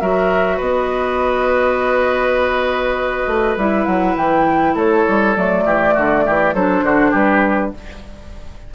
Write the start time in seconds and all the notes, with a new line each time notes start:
0.00 F#3 F#4 A#4 E5
0.57 B3 B4 D#5
3.27 A3
3.57 G3 E4 E5
3.86 F#3 F#5
4.16 E3 G5
4.75 A3 A4 C#5
5.09 G3
5.36 F#3 A3 D5
5.65 E3 G4
5.94 D3 F#4
6.26 E3 G4
6.54 F#3 D4 A4 C5
6.83 D3 F#4
7.11 G3 G4 B4